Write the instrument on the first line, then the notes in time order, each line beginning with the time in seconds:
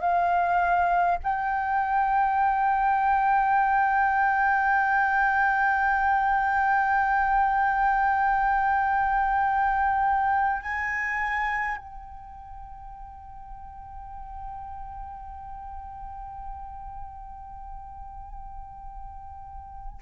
flute
0.00 F5
1.23 G5
10.62 G#5
11.76 G5